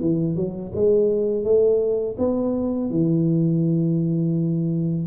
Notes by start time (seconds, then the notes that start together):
0.00 E3
0.36 F#3
0.75 G#3
1.44 A3
2.18 B3
2.90 E3